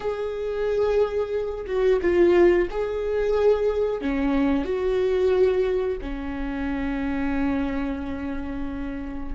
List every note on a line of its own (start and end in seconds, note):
0.00 1.65 G#4
1.66 1.99 F#4
2.01 2.68 F4
2.70 4.01 G#4
4.01 4.64 C#4
4.64 5.98 F#4
6.01 9.35 C#4